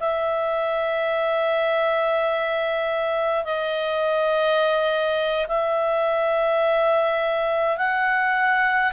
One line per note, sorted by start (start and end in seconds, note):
0.00 3.45 E5
3.45 5.47 D#5
5.49 7.78 E5
7.78 8.93 F#5